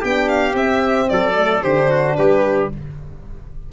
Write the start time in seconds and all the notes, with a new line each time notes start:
0.00 B3 D4 G4 G5
0.29 F5
0.54 C4 E5
1.09 F#3 A4 D5
1.35 A3
1.63 D3 D4 G4 C5
1.90 F#4
2.17 G3 G4 B4